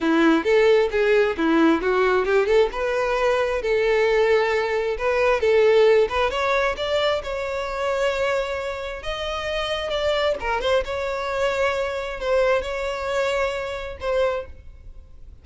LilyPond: \new Staff \with { instrumentName = "violin" } { \time 4/4 \tempo 4 = 133 e'4 a'4 gis'4 e'4 | fis'4 g'8 a'8 b'2 | a'2. b'4 | a'4. b'8 cis''4 d''4 |
cis''1 | dis''2 d''4 ais'8 c''8 | cis''2. c''4 | cis''2. c''4 | }